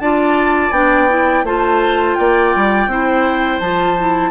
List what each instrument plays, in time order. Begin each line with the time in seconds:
0.00 bassoon D4, clarinet F4, oboe D5, flute A5
0.71 bassoon B3, clarinet D4, flute G5
1.09 clarinet E4
1.44 bassoon A3, clarinet F4, oboe C5, flute A5
2.15 bassoon A#3, oboe D5, flute G5
2.56 bassoon G3
2.87 bassoon C4, clarinet E4, oboe C5
3.60 bassoon F3, clarinet F4, flute A5
3.98 clarinet E4